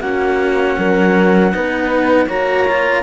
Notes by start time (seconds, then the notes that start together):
0.00 A#3 C#4 F#4 F#5
0.77 F#3 A#4
1.52 B3 D#4 B4
2.27 A#3 F#4 C#5 A#5
2.68 F4